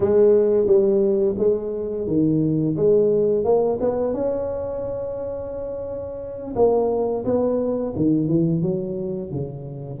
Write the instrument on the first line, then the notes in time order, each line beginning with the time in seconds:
tuba
0.00 G#3
0.66 G3
1.38 G#3
2.07 D#3
2.76 G#3
3.44 A#3
3.80 B3
4.13 C#4
6.55 A#3
7.24 B3
7.96 D#3
8.28 E3
8.62 F#3
9.31 C#3